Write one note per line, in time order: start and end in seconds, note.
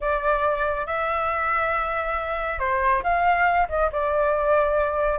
0.00 0.86 D5
0.86 2.59 E5
2.59 3.02 C5
3.03 3.68 F5
3.68 3.90 D#5
3.92 5.18 D5